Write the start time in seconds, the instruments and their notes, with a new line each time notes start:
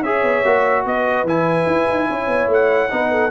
0.00 tuba C#4, trombone G#4, horn C#5, trumpet E5
0.22 tuba B3
0.44 tuba A#3, trombone F#4
0.85 tuba B3, horn B4, trumpet D#5
1.23 tuba E3, trombone E4, trumpet G#5
1.66 tuba E4
1.88 tuba D#4
2.09 tuba C#4, horn C#5
2.27 tuba B3
2.47 tuba A3, trumpet F#5
2.89 tuba B3, trombone D#4, horn B4
3.10 horn A4